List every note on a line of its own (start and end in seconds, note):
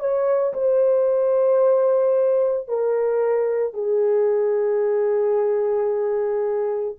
0.00 0.54 C#5
0.54 2.68 C5
2.68 3.74 A#4
3.74 6.95 G#4